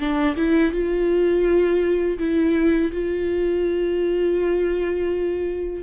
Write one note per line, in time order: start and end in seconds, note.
0.00 0.37 D4
0.37 0.72 E4
0.72 2.19 F4
2.19 2.92 E4
2.92 5.83 F4